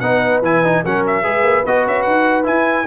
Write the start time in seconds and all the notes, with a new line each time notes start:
0.00 B3 D#4 B4 F#5
0.42 E3 E4 G#5
0.64 D#4
0.83 F#3 C#4 A#4 F#5
1.07 E5
1.23 G#3 G#4 B4
1.43 A#3
1.66 B3 F#4 D#5
1.86 C#4 E5
2.02 D#4 F#5
2.44 E4 G#5